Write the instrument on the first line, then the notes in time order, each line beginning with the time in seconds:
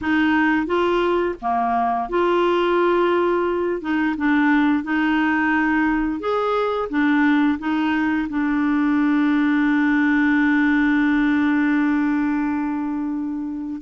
clarinet
0.01 D#4
0.66 F4
1.41 A#3
2.09 F4
3.81 D#4
4.17 D4
4.83 D#4
6.19 G#4
6.89 D4
7.59 D#4
8.29 D4